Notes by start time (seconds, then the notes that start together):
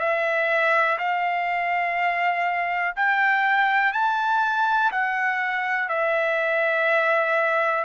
0.00 E5
0.99 F5
2.96 G5
3.93 A5
4.92 F#5
5.89 E5